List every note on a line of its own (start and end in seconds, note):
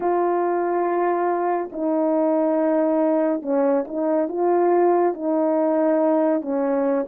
0.00 1.69 F4
1.71 3.42 D#4
3.42 3.85 C#4
3.87 4.28 D#4
4.28 5.14 F4
5.14 6.41 D#4
6.41 7.06 C#4